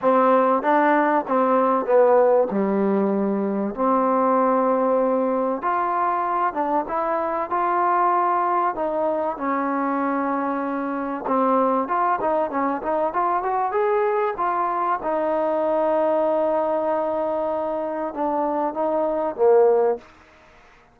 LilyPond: \new Staff \with { instrumentName = "trombone" } { \time 4/4 \tempo 4 = 96 c'4 d'4 c'4 b4 | g2 c'2~ | c'4 f'4. d'8 e'4 | f'2 dis'4 cis'4~ |
cis'2 c'4 f'8 dis'8 | cis'8 dis'8 f'8 fis'8 gis'4 f'4 | dis'1~ | dis'4 d'4 dis'4 ais4 | }